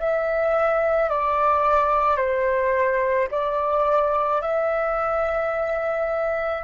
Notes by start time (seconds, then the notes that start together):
0.00 E5
1.10 D5
2.17 C5
3.31 D5
4.42 E5